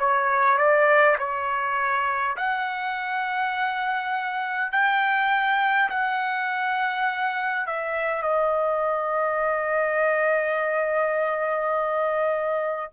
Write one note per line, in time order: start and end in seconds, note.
0.00 0.58 C#5
0.58 1.17 D5
1.19 2.37 C#5
2.37 4.72 F#5
4.72 5.90 G5
5.90 7.67 F#5
7.67 8.22 E5
8.22 12.93 D#5